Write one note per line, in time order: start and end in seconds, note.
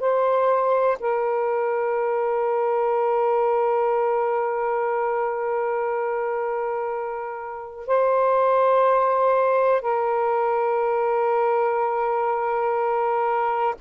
0.00 0.98 C5
1.00 7.87 A#4
7.87 9.82 C5
9.82 13.75 A#4